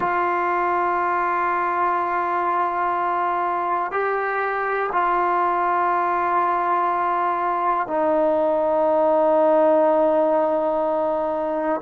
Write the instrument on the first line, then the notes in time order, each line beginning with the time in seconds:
trombone
0.00 F4
3.91 G4
4.92 F4
7.87 D#4